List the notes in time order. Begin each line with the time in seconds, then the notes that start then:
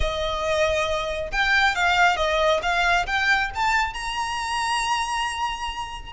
0.00 D#5
1.31 G5
1.75 F5
2.16 D#5
2.62 F5
3.06 G5
3.55 A5
3.93 A#5